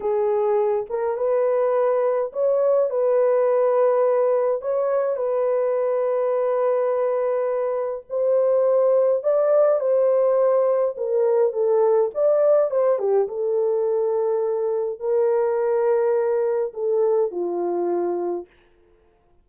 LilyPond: \new Staff \with { instrumentName = "horn" } { \time 4/4 \tempo 4 = 104 gis'4. ais'8 b'2 | cis''4 b'2. | cis''4 b'2.~ | b'2 c''2 |
d''4 c''2 ais'4 | a'4 d''4 c''8 g'8 a'4~ | a'2 ais'2~ | ais'4 a'4 f'2 | }